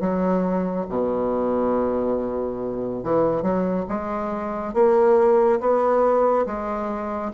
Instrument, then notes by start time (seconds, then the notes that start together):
bassoon
0.00 F#3
0.89 B2
3.04 E3
3.42 F#3
3.88 G#3
4.74 A#3
5.60 B3
6.46 G#3